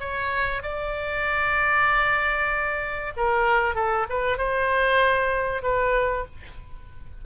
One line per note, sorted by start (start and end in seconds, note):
0.00 0.62 C#5
0.63 3.13 D5
3.17 3.76 A#4
3.76 4.07 A4
4.10 4.38 B4
4.38 5.63 C5
5.63 6.26 B4